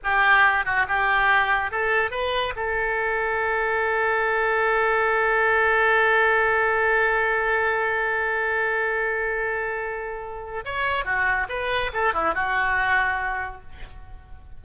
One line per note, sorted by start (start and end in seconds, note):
0.03 0.65 G4
0.65 0.86 F#4
0.88 1.71 G4
1.71 2.11 A4
2.11 2.53 B4
2.56 10.64 A4
10.65 11.04 C#5
11.04 11.47 F#4
11.48 11.91 B4
11.93 12.13 A4
12.13 12.34 E4
12.34 13.62 F#4